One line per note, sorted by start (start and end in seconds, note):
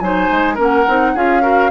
0.00 0.29 F#3
0.00 0.56 D#4
0.00 0.55 C5
0.00 0.57 G#5
0.31 0.58 G#3
0.55 0.87 A#3
0.55 0.85 C#4
0.55 1.11 A#4
0.62 1.17 F#5
0.88 1.15 C4
0.88 1.16 D#4
1.15 1.71 C#4
1.15 1.42 F4
1.15 1.42 G#4
1.15 1.71 F5
1.42 1.70 F#4
1.42 1.71 A#4